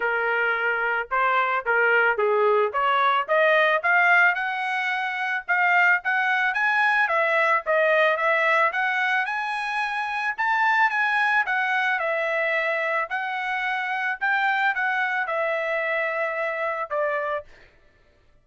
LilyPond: \new Staff \with { instrumentName = "trumpet" } { \time 4/4 \tempo 4 = 110 ais'2 c''4 ais'4 | gis'4 cis''4 dis''4 f''4 | fis''2 f''4 fis''4 | gis''4 e''4 dis''4 e''4 |
fis''4 gis''2 a''4 | gis''4 fis''4 e''2 | fis''2 g''4 fis''4 | e''2. d''4 | }